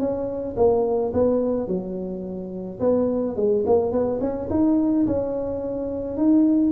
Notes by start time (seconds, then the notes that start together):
0.00 C#4
0.57 A#3
1.14 B3
1.68 F#3
2.80 B3
3.37 G#3
3.67 A#3
3.92 B3
4.21 C#4
4.51 D#4
5.07 C#4
6.18 D#4